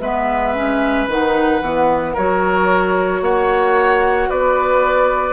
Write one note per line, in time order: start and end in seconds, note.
0.00 1.07 G#3
0.00 0.54 B3
0.00 2.13 B4
0.00 1.07 E5
0.54 1.08 C#4
1.07 1.61 D#3
1.07 1.62 D#4
1.07 2.17 F#5
1.61 2.15 E3
1.61 2.16 B3
2.13 3.21 F#3
2.13 5.32 F#4
2.13 3.20 A#4
2.13 3.23 C#5
3.21 4.28 A#3
3.21 4.29 C#5
3.21 4.30 F#5
4.29 5.32 B3
4.29 5.32 B4
4.29 5.32 D5